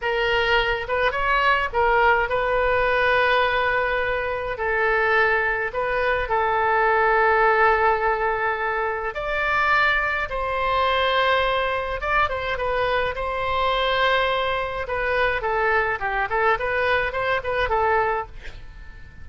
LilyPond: \new Staff \with { instrumentName = "oboe" } { \time 4/4 \tempo 4 = 105 ais'4. b'8 cis''4 ais'4 | b'1 | a'2 b'4 a'4~ | a'1 |
d''2 c''2~ | c''4 d''8 c''8 b'4 c''4~ | c''2 b'4 a'4 | g'8 a'8 b'4 c''8 b'8 a'4 | }